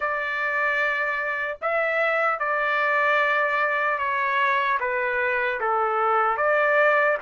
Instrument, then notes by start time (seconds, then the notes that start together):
trumpet
0.00 D5
1.61 E5
2.39 D5
3.98 C#5
4.80 B4
5.60 A4
6.37 D5